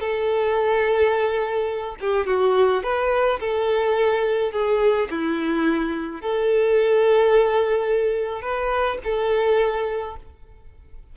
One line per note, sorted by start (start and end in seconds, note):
0.00 1.96 A4
2.01 2.27 G4
2.27 2.83 F#4
2.83 3.40 B4
3.40 4.52 A4
4.52 5.08 G#4
5.10 6.21 E4
6.21 8.42 A4
8.42 8.98 B4
9.04 10.16 A4